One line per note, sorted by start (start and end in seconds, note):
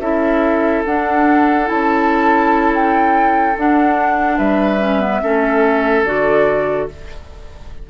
0.00 0.83 C#4
0.00 0.85 E4
0.00 4.38 A4
0.00 0.84 E5
0.85 1.70 D4
0.85 1.66 D4
0.85 1.68 F#5
1.66 3.57 C#4
1.66 3.54 E4
1.66 2.73 A5
2.75 3.58 G5
3.57 4.39 D4
3.57 4.80 D4
3.57 4.39 F#5
4.38 5.22 G3
4.38 5.21 B4
4.38 6.05 E5
4.80 5.01 C#4
5.01 5.22 B3
5.22 6.04 A3
5.22 6.06 C#4
5.22 6.90 A4
6.04 6.88 D3
6.04 6.89 F#4
6.04 6.89 D5